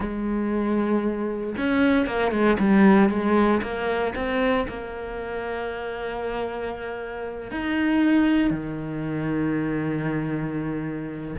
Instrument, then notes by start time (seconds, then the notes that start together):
cello
0.00 G#3
1.57 C#4
2.06 A#3
2.31 G#3
2.59 G3
3.09 G#3
3.62 A#3
4.15 C4
4.68 A#3
7.51 D#4
8.50 D#3